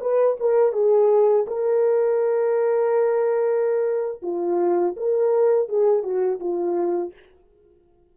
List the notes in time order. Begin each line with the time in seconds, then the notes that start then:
0.00 B4
0.39 A#4
0.72 G#4
1.47 A#4
4.22 F4
4.96 A#4
5.68 G#4
6.03 F#4
6.39 F4